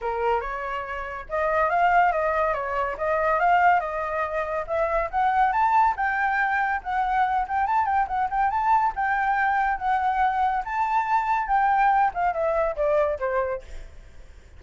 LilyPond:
\new Staff \with { instrumentName = "flute" } { \time 4/4 \tempo 4 = 141 ais'4 cis''2 dis''4 | f''4 dis''4 cis''4 dis''4 | f''4 dis''2 e''4 | fis''4 a''4 g''2 |
fis''4. g''8 a''8 g''8 fis''8 g''8 | a''4 g''2 fis''4~ | fis''4 a''2 g''4~ | g''8 f''8 e''4 d''4 c''4 | }